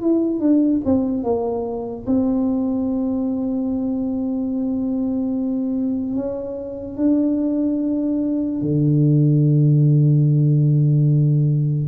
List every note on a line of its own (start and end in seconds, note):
0.00 0.40 E4
0.40 0.81 D4
0.85 1.24 C4
1.24 2.06 A#3
2.07 6.16 C4
6.16 6.97 C#4
6.97 8.62 D4
8.62 11.88 D3